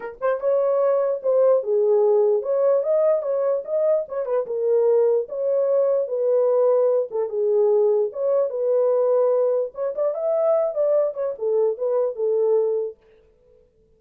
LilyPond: \new Staff \with { instrumentName = "horn" } { \time 4/4 \tempo 4 = 148 ais'8 c''8 cis''2 c''4 | gis'2 cis''4 dis''4 | cis''4 dis''4 cis''8 b'8 ais'4~ | ais'4 cis''2 b'4~ |
b'4. a'8 gis'2 | cis''4 b'2. | cis''8 d''8 e''4. d''4 cis''8 | a'4 b'4 a'2 | }